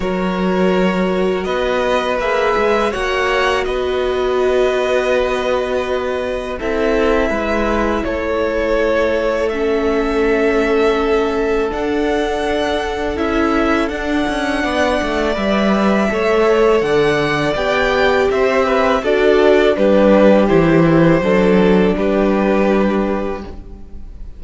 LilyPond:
<<
  \new Staff \with { instrumentName = "violin" } { \time 4/4 \tempo 4 = 82 cis''2 dis''4 e''4 | fis''4 dis''2.~ | dis''4 e''2 cis''4~ | cis''4 e''2. |
fis''2 e''4 fis''4~ | fis''4 e''2 fis''4 | g''4 e''4 d''4 b'4 | c''2 b'2 | }
  \new Staff \with { instrumentName = "violin" } { \time 4/4 ais'2 b'2 | cis''4 b'2.~ | b'4 a'4 b'4 a'4~ | a'1~ |
a'1 | d''2 cis''4 d''4~ | d''4 c''8 b'8 a'4 g'4~ | g'4 a'4 g'2 | }
  \new Staff \with { instrumentName = "viola" } { \time 4/4 fis'2. gis'4 | fis'1~ | fis'4 e'2.~ | e'4 cis'2. |
d'2 e'4 d'4~ | d'4 b'4 a'2 | g'2 fis'4 d'4 | e'4 d'2. | }
  \new Staff \with { instrumentName = "cello" } { \time 4/4 fis2 b4 ais8 gis8 | ais4 b2.~ | b4 c'4 gis4 a4~ | a1 |
d'2 cis'4 d'8 cis'8 | b8 a8 g4 a4 d4 | b4 c'4 d'4 g4 | e4 fis4 g2 | }
>>